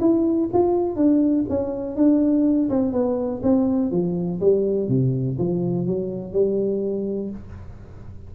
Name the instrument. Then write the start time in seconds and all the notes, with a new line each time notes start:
tuba
0.00 E4
0.53 F4
0.96 D4
1.49 C#4
1.96 D4
2.69 C4
2.92 B3
3.43 C4
3.91 F3
4.40 G3
4.88 C3
5.38 F3
5.86 F#3
6.32 G3